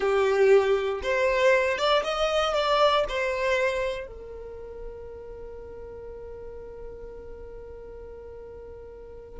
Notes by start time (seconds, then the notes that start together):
0.00 G4
1.02 C5
1.78 D5
2.03 D#5
2.54 D5
3.08 C5
4.06 A#4